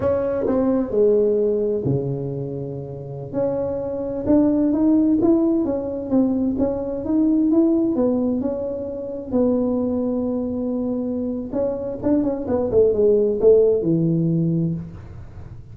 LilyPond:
\new Staff \with { instrumentName = "tuba" } { \time 4/4 \tempo 4 = 130 cis'4 c'4 gis2 | cis2.~ cis16 cis'8.~ | cis'4~ cis'16 d'4 dis'4 e'8.~ | e'16 cis'4 c'4 cis'4 dis'8.~ |
dis'16 e'4 b4 cis'4.~ cis'16~ | cis'16 b2.~ b8.~ | b4 cis'4 d'8 cis'8 b8 a8 | gis4 a4 e2 | }